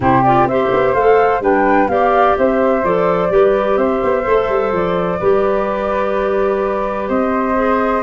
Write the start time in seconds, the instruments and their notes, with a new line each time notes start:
0.00 tuba C3, clarinet E4, flute G4 C5
0.23 clarinet F4, flute D5
0.44 tuba C4, clarinet G4, flute C5 E5
0.73 tuba B3
0.93 tuba A3, clarinet A4, flute F5
1.40 tuba G3, clarinet D4, flute B4 G5
1.88 tuba B3, clarinet G4, flute D5 F5
2.37 tuba C4, flute C5 E5
2.83 tuba F3, clarinet A4, flute D5
3.29 tuba G3, clarinet G4, flute B4
3.76 tuba C4, flute C5 E5
4.03 tuba B3
4.24 tuba A3, clarinet A4
4.48 tuba G3
4.72 tuba F3, flute D5
5.19 tuba G3, clarinet G4, flute B4
7.08 tuba C4, flute C5 D#5
7.55 clarinet G#4